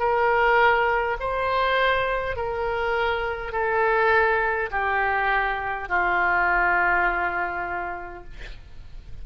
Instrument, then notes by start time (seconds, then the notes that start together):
oboe
0.00 A#4
1.20 C5
2.36 A#4
3.53 A4
4.72 G4
5.89 F4